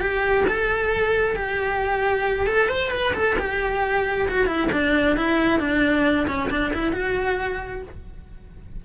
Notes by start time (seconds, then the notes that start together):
0.00 G4
0.48 A4
1.36 G4
2.46 A4
2.68 C5
2.91 B4
3.14 A4
3.39 G4
4.29 F#4
4.47 E4
4.72 D4
5.16 E4
5.59 D4
6.27 C#4
6.50 D4
6.73 E4
6.93 F#4